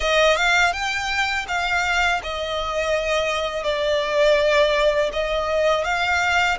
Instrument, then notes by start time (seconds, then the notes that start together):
violin
0.00 D#5
0.36 F5
0.73 G5
1.47 F5
2.23 D#5
3.63 D5
5.13 D#5
5.84 F5